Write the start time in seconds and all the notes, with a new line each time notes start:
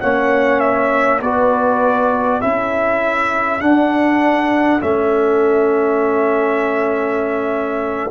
0.00 A#3 C#4 C#5 F#5
0.59 E5
1.21 B3 F#4 B4 D5
2.41 C#4 E4 A4 E5
3.60 D4 F#5
4.80 A3 C#4 E5